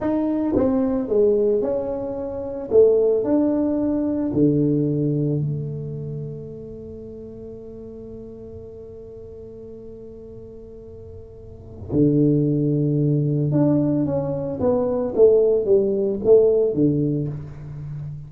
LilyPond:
\new Staff \with { instrumentName = "tuba" } { \time 4/4 \tempo 4 = 111 dis'4 c'4 gis4 cis'4~ | cis'4 a4 d'2 | d2 a2~ | a1~ |
a1~ | a2 d2~ | d4 d'4 cis'4 b4 | a4 g4 a4 d4 | }